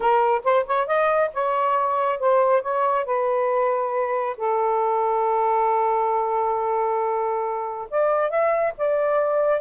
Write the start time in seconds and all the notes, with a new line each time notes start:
0.00 A#4
0.44 C5
0.66 C#5
0.86 D#5
1.33 C#5
2.19 C5
2.61 C#5
3.05 B4
4.37 A4
7.90 D5
8.30 E5
8.77 D5